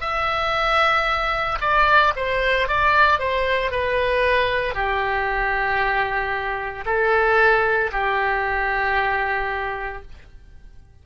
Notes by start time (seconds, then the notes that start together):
0.00 E5
1.60 D5
2.16 C5
2.67 D5
3.19 C5
3.71 B4
4.74 G4
6.85 A4
7.92 G4